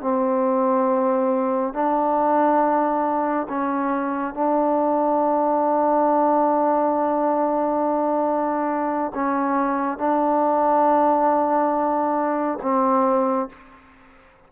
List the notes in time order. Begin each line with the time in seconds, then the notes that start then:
0.00 C4
1.73 D4
3.48 C#4
4.34 D4
9.14 C#4
9.98 D4
12.62 C4